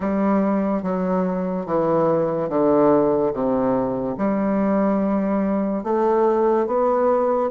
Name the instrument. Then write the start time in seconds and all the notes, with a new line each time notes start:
bassoon
0.00 G3
0.82 F#3
1.66 E3
2.48 D3
3.33 C3
4.17 G3
5.83 A3
6.67 B3